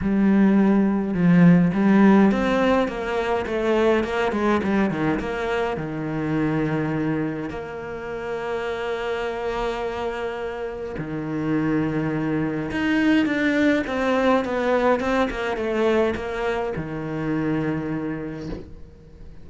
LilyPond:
\new Staff \with { instrumentName = "cello" } { \time 4/4 \tempo 4 = 104 g2 f4 g4 | c'4 ais4 a4 ais8 gis8 | g8 dis8 ais4 dis2~ | dis4 ais2.~ |
ais2. dis4~ | dis2 dis'4 d'4 | c'4 b4 c'8 ais8 a4 | ais4 dis2. | }